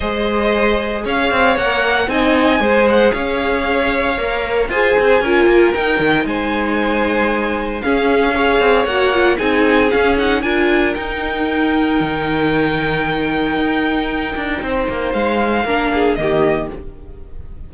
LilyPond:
<<
  \new Staff \with { instrumentName = "violin" } { \time 4/4 \tempo 4 = 115 dis''2 f''4 fis''4 | gis''4. fis''8 f''2~ | f''4 gis''2 g''4 | gis''2. f''4~ |
f''4 fis''4 gis''4 f''8 fis''8 | gis''4 g''2.~ | g''1~ | g''4 f''2 dis''4 | }
  \new Staff \with { instrumentName = "violin" } { \time 4/4 c''2 cis''2 | dis''4 c''4 cis''2~ | cis''4 c''4 ais'2 | c''2. gis'4 |
cis''2 gis'2 | ais'1~ | ais'1 | c''2 ais'8 gis'8 g'4 | }
  \new Staff \with { instrumentName = "viola" } { \time 4/4 gis'2. ais'4 | dis'4 gis'2. | ais'4 gis'4 f'4 dis'4~ | dis'2. cis'4 |
gis'4 fis'8 f'8 dis'4 cis'8 dis'8 | f'4 dis'2.~ | dis'1~ | dis'2 d'4 ais4 | }
  \new Staff \with { instrumentName = "cello" } { \time 4/4 gis2 cis'8 c'8 ais4 | c'4 gis4 cis'2 | ais4 f'8 c'8 cis'8 ais8 dis'8 dis8 | gis2. cis'4~ |
cis'8 c'8 ais4 c'4 cis'4 | d'4 dis'2 dis4~ | dis2 dis'4. d'8 | c'8 ais8 gis4 ais4 dis4 | }
>>